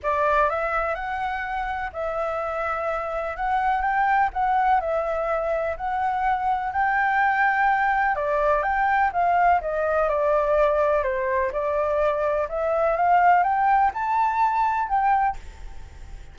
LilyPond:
\new Staff \with { instrumentName = "flute" } { \time 4/4 \tempo 4 = 125 d''4 e''4 fis''2 | e''2. fis''4 | g''4 fis''4 e''2 | fis''2 g''2~ |
g''4 d''4 g''4 f''4 | dis''4 d''2 c''4 | d''2 e''4 f''4 | g''4 a''2 g''4 | }